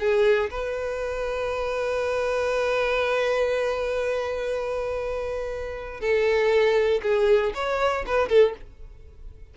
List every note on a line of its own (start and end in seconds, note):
0.00 0.50 G#4
0.51 6.01 B4
6.01 7.02 A4
7.03 7.53 G#4
7.55 8.05 C#5
8.07 8.29 B4
8.29 8.54 A4